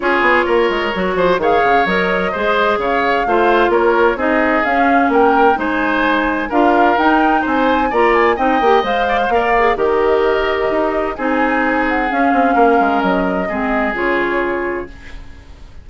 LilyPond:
<<
  \new Staff \with { instrumentName = "flute" } { \time 4/4 \tempo 4 = 129 cis''2. f''4 | dis''2 f''2 | cis''4 dis''4 f''4 g''4 | gis''2 f''4 g''4 |
gis''4 ais''8 gis''8 g''4 f''4~ | f''4 dis''2. | gis''4. fis''8 f''2 | dis''2 cis''2 | }
  \new Staff \with { instrumentName = "oboe" } { \time 4/4 gis'4 ais'4. c''8 cis''4~ | cis''4 c''4 cis''4 c''4 | ais'4 gis'2 ais'4 | c''2 ais'2 |
c''4 d''4 dis''4. d''16 c''16 | d''4 ais'2. | gis'2. ais'4~ | ais'4 gis'2. | }
  \new Staff \with { instrumentName = "clarinet" } { \time 4/4 f'2 fis'4 gis'4 | ais'4 gis'2 f'4~ | f'4 dis'4 cis'2 | dis'2 f'4 dis'4~ |
dis'4 f'4 dis'8 g'8 c''4 | ais'8 gis'8 g'2. | dis'2 cis'2~ | cis'4 c'4 f'2 | }
  \new Staff \with { instrumentName = "bassoon" } { \time 4/4 cis'8 b8 ais8 gis8 fis8 f8 dis8 cis8 | fis4 gis4 cis4 a4 | ais4 c'4 cis'4 ais4 | gis2 d'4 dis'4 |
c'4 ais4 c'8 ais8 gis4 | ais4 dis2 dis'4 | c'2 cis'8 c'8 ais8 gis8 | fis4 gis4 cis2 | }
>>